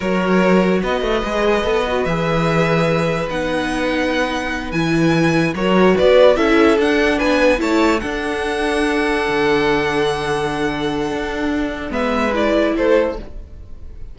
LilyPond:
<<
  \new Staff \with { instrumentName = "violin" } { \time 4/4 \tempo 4 = 146 cis''2 dis''2~ | dis''4 e''2. | fis''2.~ fis''8 gis''8~ | gis''4. cis''4 d''4 e''8~ |
e''8 fis''4 gis''4 a''4 fis''8~ | fis''1~ | fis''1~ | fis''4 e''4 d''4 c''4 | }
  \new Staff \with { instrumentName = "violin" } { \time 4/4 ais'2 b'2~ | b'1~ | b'1~ | b'4. ais'4 b'4 a'8~ |
a'4. b'4 cis''4 a'8~ | a'1~ | a'1~ | a'4 b'2 a'4 | }
  \new Staff \with { instrumentName = "viola" } { \time 4/4 fis'2. gis'4 | a'8 fis'8 gis'2. | dis'2.~ dis'8 e'8~ | e'4. fis'2 e'8~ |
e'8 d'2 e'4 d'8~ | d'1~ | d'1~ | d'4 b4 e'2 | }
  \new Staff \with { instrumentName = "cello" } { \time 4/4 fis2 b8 a8 gis4 | b4 e2. | b2.~ b8 e8~ | e4. fis4 b4 cis'8~ |
cis'8 d'4 b4 a4 d'8~ | d'2~ d'8 d4.~ | d2. d'4~ | d'4 gis2 a4 | }
>>